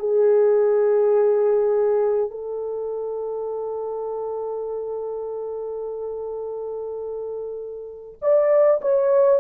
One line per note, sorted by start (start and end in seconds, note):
0.00 2.31 G#4
2.31 8.19 A4
8.22 8.81 D5
8.82 9.41 C#5